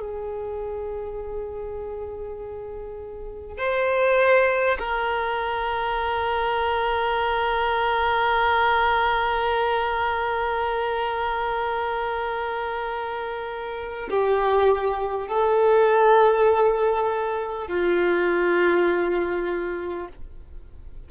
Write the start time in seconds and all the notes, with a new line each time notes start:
0.00 G#4
3.58 C5
4.79 A#4
14.09 G4
15.28 A4
17.68 F4